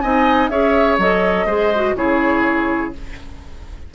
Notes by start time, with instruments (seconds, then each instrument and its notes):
0.00 bassoon C4, clarinet D#4, oboe D#5, flute G#5
0.49 bassoon C#4, clarinet G#4, oboe C#5, flute E5
0.98 bassoon F#3, clarinet A4, flute D#5
1.45 bassoon G#3, clarinet G#4, oboe C5
1.75 clarinet F#4
1.96 bassoon C#3, clarinet E4, oboe G#4, flute C#5